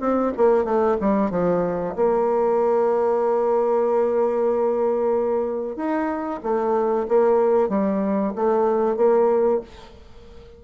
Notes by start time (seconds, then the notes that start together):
0.00 C4
0.37 A#3
0.64 A3
1.00 G3
1.31 F3
1.96 A#3
5.76 D#4
6.43 A3
7.08 A#3
7.69 G3
8.35 A3
8.97 A#3